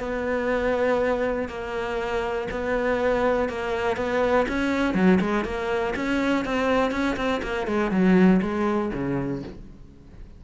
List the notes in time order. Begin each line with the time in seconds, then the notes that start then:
0.00 B3
1.49 A#3
2.51 B3
3.49 A#3
3.96 B3
4.48 C#4
4.94 F#3
5.21 G#3
5.45 A#3
5.96 C#4
6.45 C4
6.91 C#4
7.17 C4
7.43 A#3
7.67 G#3
7.91 F#3
8.42 G#3
8.93 C#3